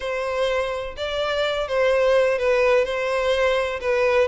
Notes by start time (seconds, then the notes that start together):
0.00 C5
0.96 D5
1.68 C5
2.38 B4
2.84 C5
3.80 B4